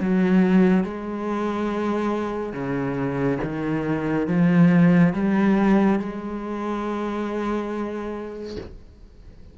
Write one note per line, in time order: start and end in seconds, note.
0.00 0.84 F#3
0.84 2.53 G#3
2.53 3.39 C#3
3.43 4.28 D#3
4.28 5.14 F3
5.14 5.99 G3
5.99 8.56 G#3